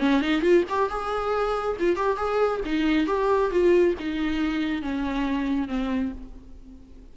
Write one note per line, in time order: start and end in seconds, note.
0.00 0.22 C#4
0.22 0.42 D#4
0.42 0.64 F4
0.69 0.90 G4
0.90 1.77 G#4
1.80 1.96 F4
1.96 2.17 G4
2.17 2.61 G#4
2.66 3.07 D#4
3.07 3.51 G4
3.51 3.95 F4
4.00 4.83 D#4
4.83 5.68 C#4
5.68 6.12 C4